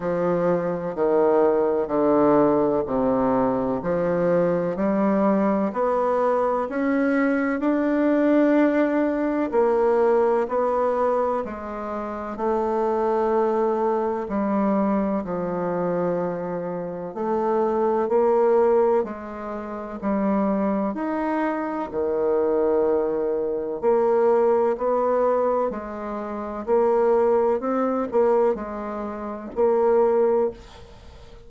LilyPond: \new Staff \with { instrumentName = "bassoon" } { \time 4/4 \tempo 4 = 63 f4 dis4 d4 c4 | f4 g4 b4 cis'4 | d'2 ais4 b4 | gis4 a2 g4 |
f2 a4 ais4 | gis4 g4 dis'4 dis4~ | dis4 ais4 b4 gis4 | ais4 c'8 ais8 gis4 ais4 | }